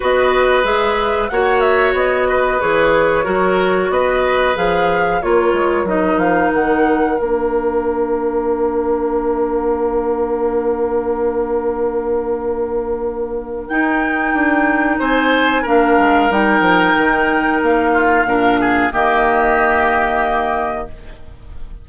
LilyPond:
<<
  \new Staff \with { instrumentName = "flute" } { \time 4/4 \tempo 4 = 92 dis''4 e''4 fis''8 e''8 dis''4 | cis''2 dis''4 f''4 | cis''4 dis''8 f''8 fis''4 f''4~ | f''1~ |
f''1~ | f''4 g''2 gis''4 | f''4 g''2 f''4~ | f''4 dis''2. | }
  \new Staff \with { instrumentName = "oboe" } { \time 4/4 b'2 cis''4. b'8~ | b'4 ais'4 b'2 | ais'1~ | ais'1~ |
ais'1~ | ais'2. c''4 | ais'2.~ ais'8 f'8 | ais'8 gis'8 g'2. | }
  \new Staff \with { instrumentName = "clarinet" } { \time 4/4 fis'4 gis'4 fis'2 | gis'4 fis'2 gis'4 | f'4 dis'2 d'4~ | d'1~ |
d'1~ | d'4 dis'2. | d'4 dis'2. | d'4 ais2. | }
  \new Staff \with { instrumentName = "bassoon" } { \time 4/4 b4 gis4 ais4 b4 | e4 fis4 b4 f4 | ais8 gis8 fis8 f8 dis4 ais4~ | ais1~ |
ais1~ | ais4 dis'4 d'4 c'4 | ais8 gis8 g8 f8 dis4 ais4 | ais,4 dis2. | }
>>